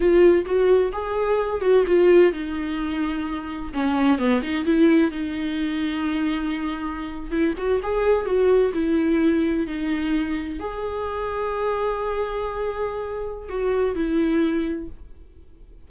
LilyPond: \new Staff \with { instrumentName = "viola" } { \time 4/4 \tempo 4 = 129 f'4 fis'4 gis'4. fis'8 | f'4 dis'2. | cis'4 b8 dis'8 e'4 dis'4~ | dis'2.~ dis'8. e'16~ |
e'16 fis'8 gis'4 fis'4 e'4~ e'16~ | e'8. dis'2 gis'4~ gis'16~ | gis'1~ | gis'4 fis'4 e'2 | }